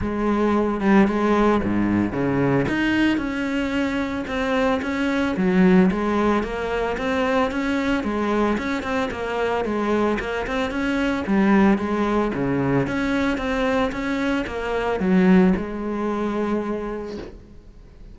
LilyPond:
\new Staff \with { instrumentName = "cello" } { \time 4/4 \tempo 4 = 112 gis4. g8 gis4 gis,4 | cis4 dis'4 cis'2 | c'4 cis'4 fis4 gis4 | ais4 c'4 cis'4 gis4 |
cis'8 c'8 ais4 gis4 ais8 c'8 | cis'4 g4 gis4 cis4 | cis'4 c'4 cis'4 ais4 | fis4 gis2. | }